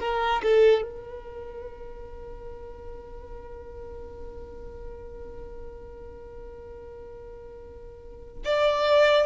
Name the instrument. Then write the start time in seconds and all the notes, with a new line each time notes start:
violin
0.00 A#4
0.43 A4
0.83 A#4
8.45 D5